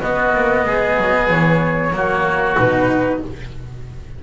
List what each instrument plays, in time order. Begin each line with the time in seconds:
0.00 cello B3, double bass B3, oboe F#4, flute D#5
0.34 double bass A#3
0.65 double bass G#3, oboe G#4
0.97 double bass F#3
1.29 double bass E3, flute C#5
1.91 double bass F#3, cello A#3, oboe F#4
2.57 double bass B2, cello D#4, flute B4